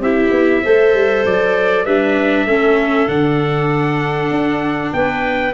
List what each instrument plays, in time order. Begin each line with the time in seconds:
0.00 tuba C4, viola E4, clarinet G4, trumpet E5
0.31 tuba B3
0.63 tuba A3, viola A4, clarinet C5
0.95 tuba G3
1.26 tuba F#3, trumpet D5
1.85 tuba G3, viola D4, clarinet B4, trumpet E5
2.47 tuba A3, viola C#4, clarinet A4
3.08 tuba D3, viola D4, trumpet F#5
4.31 tuba D4
4.93 tuba B3, clarinet B4, trumpet G5